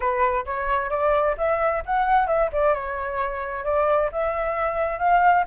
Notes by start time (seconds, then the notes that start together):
0.00 B4
0.45 C#5
0.90 D5
1.37 E5
1.85 F#5
2.27 E5
2.52 D5
2.74 C#5
3.64 D5
4.12 E5
4.98 F5